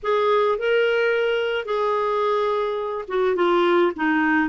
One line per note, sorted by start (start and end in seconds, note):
0.02 0.58 G#4
0.58 1.65 A#4
1.65 3.05 G#4
3.08 3.35 F#4
3.35 3.92 F4
3.96 4.48 D#4